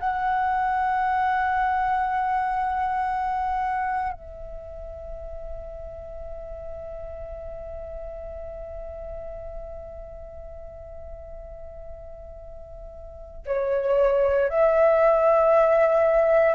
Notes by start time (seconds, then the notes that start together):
0.00 F#5
4.13 E5
13.46 C#5
14.50 E5